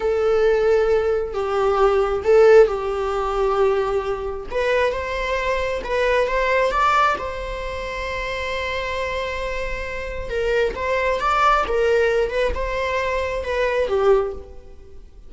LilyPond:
\new Staff \with { instrumentName = "viola" } { \time 4/4 \tempo 4 = 134 a'2. g'4~ | g'4 a'4 g'2~ | g'2 b'4 c''4~ | c''4 b'4 c''4 d''4 |
c''1~ | c''2. ais'4 | c''4 d''4 ais'4. b'8 | c''2 b'4 g'4 | }